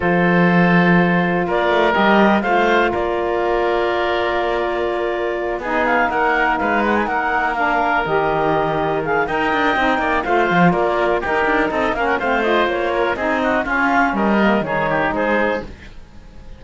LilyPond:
<<
  \new Staff \with { instrumentName = "clarinet" } { \time 4/4 \tempo 4 = 123 c''2. d''4 | dis''4 f''4 d''2~ | d''2.~ d''8 dis''8 | f''8 fis''4 f''8 fis''16 gis''16 fis''4 f''8~ |
f''8 dis''2 f''8 g''4~ | g''4 f''4 d''4 ais'4 | dis''8 f''16 fis''16 f''8 dis''8 cis''4 dis''4 | f''4 dis''4 cis''4 c''4 | }
  \new Staff \with { instrumentName = "oboe" } { \time 4/4 a'2. ais'4~ | ais'4 c''4 ais'2~ | ais'2.~ ais'8 gis'8~ | gis'8 ais'4 b'4 ais'4.~ |
ais'2. dis''4~ | dis''8 d''8 c''4 ais'4 g'4 | a'8 ais'8 c''4. ais'8 gis'8 fis'8 | f'4 ais'4 gis'8 g'8 gis'4 | }
  \new Staff \with { instrumentName = "saxophone" } { \time 4/4 f'1 | g'4 f'2.~ | f'2.~ f'8 dis'8~ | dis'2.~ dis'8 d'8~ |
d'8 g'2 gis'8 ais'4 | dis'4 f'2 dis'4~ | dis'8 cis'8 c'8 f'4. dis'4 | cis'4. ais8 dis'2 | }
  \new Staff \with { instrumentName = "cello" } { \time 4/4 f2. ais8 a8 | g4 a4 ais2~ | ais2.~ ais8 b8~ | b8 ais4 gis4 ais4.~ |
ais8 dis2~ dis8 dis'8 d'8 | c'8 ais8 a8 f8 ais4 dis'8 d'8 | c'8 ais8 a4 ais4 c'4 | cis'4 g4 dis4 gis4 | }
>>